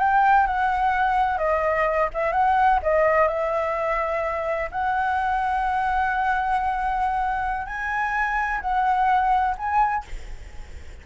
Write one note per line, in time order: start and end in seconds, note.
0.00 0.47 G5
0.47 1.39 F#5
1.39 2.09 D#5
2.14 2.33 E5
2.33 2.80 F#5
2.83 3.28 D#5
3.28 4.70 E5
4.72 7.67 F#5
7.67 8.61 G#5
8.62 9.56 F#5
9.58 10.05 G#5